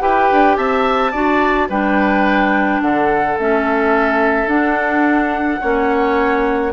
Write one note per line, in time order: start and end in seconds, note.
0.00 0.31 E4
0.00 1.12 G4
0.00 0.58 B4
0.00 0.57 G5
0.32 0.58 D4
0.57 1.14 C4
0.57 1.12 E5
0.57 1.69 A5
1.12 1.70 D4
1.12 1.70 F#4
1.12 1.68 D5
1.70 2.81 G3
1.70 3.39 D4
1.70 2.82 B4
1.70 2.82 G5
2.81 3.37 D3
2.81 5.61 A4
2.81 3.38 F#5
3.39 4.46 A3
3.39 4.48 C#4
3.39 4.49 E5
4.46 5.59 D4
4.46 5.60 D4
4.46 6.73 F#5
5.61 6.73 A#3
5.61 6.73 C#4
5.61 6.73 C#5